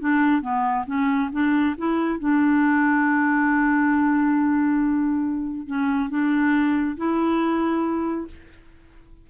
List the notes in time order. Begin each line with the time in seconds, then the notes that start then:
0.00 D4
0.42 B3
0.86 C#4
1.32 D4
1.77 E4
2.19 D4
5.67 C#4
6.09 D4
6.97 E4